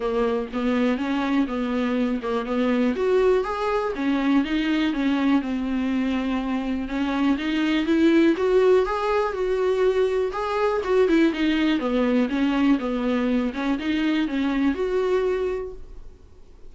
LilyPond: \new Staff \with { instrumentName = "viola" } { \time 4/4 \tempo 4 = 122 ais4 b4 cis'4 b4~ | b8 ais8 b4 fis'4 gis'4 | cis'4 dis'4 cis'4 c'4~ | c'2 cis'4 dis'4 |
e'4 fis'4 gis'4 fis'4~ | fis'4 gis'4 fis'8 e'8 dis'4 | b4 cis'4 b4. cis'8 | dis'4 cis'4 fis'2 | }